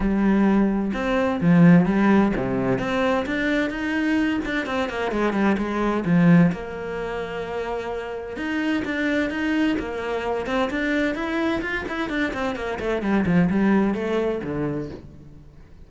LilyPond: \new Staff \with { instrumentName = "cello" } { \time 4/4 \tempo 4 = 129 g2 c'4 f4 | g4 c4 c'4 d'4 | dis'4. d'8 c'8 ais8 gis8 g8 | gis4 f4 ais2~ |
ais2 dis'4 d'4 | dis'4 ais4. c'8 d'4 | e'4 f'8 e'8 d'8 c'8 ais8 a8 | g8 f8 g4 a4 d4 | }